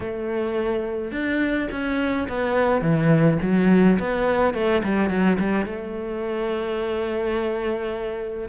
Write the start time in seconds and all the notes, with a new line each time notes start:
0.00 A3
1.11 D4
1.71 C#4
2.28 B3
2.81 E3
3.42 F#3
3.99 B3
4.54 A3
4.83 G3
5.09 F#3
5.39 G3
5.65 A3